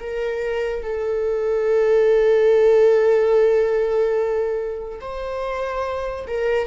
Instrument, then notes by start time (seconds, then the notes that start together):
viola
0.00 A#4
0.83 A4
5.01 C5
6.27 A#4